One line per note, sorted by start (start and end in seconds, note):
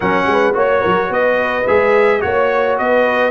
0.00 0.26 F#3
0.00 0.53 C#4
0.00 0.27 A#4
0.00 0.55 F#5
0.26 0.54 G#3
0.26 0.54 B4
0.53 0.83 A#3
0.53 1.64 F#4
0.53 0.81 C#5
0.53 1.12 C#5
0.81 1.09 F#3
0.81 1.08 A#4
1.09 1.65 B3
1.09 2.23 B4
1.09 1.67 D#5
1.67 2.23 G#3
1.67 2.20 G#4
1.67 2.21 E5
2.20 2.79 A#3
2.20 3.31 F#4
2.20 2.76 C#5
2.20 2.79 C#5
2.78 3.31 B3
2.78 3.31 B4
2.78 3.31 D#5